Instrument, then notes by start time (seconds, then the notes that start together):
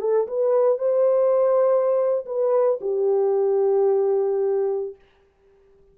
horn
0.00 A4
0.27 B4
0.78 C5
2.25 B4
2.81 G4